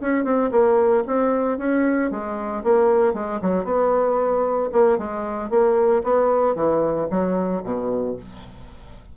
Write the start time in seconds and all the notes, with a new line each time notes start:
0.00 C#4
0.24 C4
0.51 A#3
1.06 C4
1.58 C#4
2.10 G#3
2.63 A#3
3.13 G#3
3.41 F#3
3.64 B3
4.72 A#3
4.98 G#3
5.50 A#3
6.03 B3
6.55 E3
7.10 F#3
7.63 B2